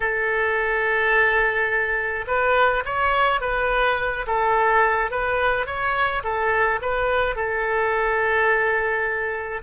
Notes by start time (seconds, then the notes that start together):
0.00 A4
2.27 B4
2.85 C#5
3.41 B4
4.27 A4
5.10 B4
5.66 C#5
6.23 A4
6.81 B4
7.35 A4